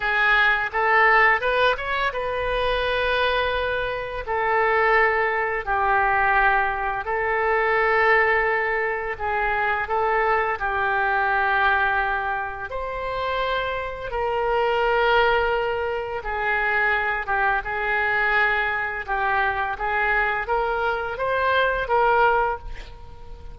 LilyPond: \new Staff \with { instrumentName = "oboe" } { \time 4/4 \tempo 4 = 85 gis'4 a'4 b'8 cis''8 b'4~ | b'2 a'2 | g'2 a'2~ | a'4 gis'4 a'4 g'4~ |
g'2 c''2 | ais'2. gis'4~ | gis'8 g'8 gis'2 g'4 | gis'4 ais'4 c''4 ais'4 | }